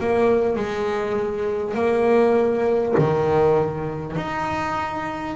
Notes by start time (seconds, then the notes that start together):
0.00 A#3
0.56 G#3
1.75 A#3
2.98 D#3
4.17 D#4